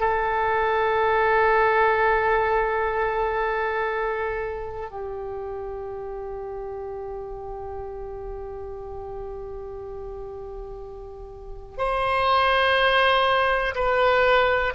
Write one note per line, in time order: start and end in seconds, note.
0.00 4.91 A4
4.91 11.78 G4
11.78 13.75 C5
13.75 14.74 B4